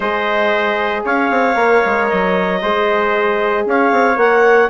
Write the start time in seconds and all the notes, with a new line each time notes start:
0.00 G#3 G#4 C5 D#5
1.04 C#4 C#5 F5
1.30 C4
1.55 A#3 A#4
1.85 G#3
2.08 F#3 D#5
2.62 G#3 G#4 C5
3.65 C#4 C#5 F5
3.91 C4
4.15 A#3 A#4 F#5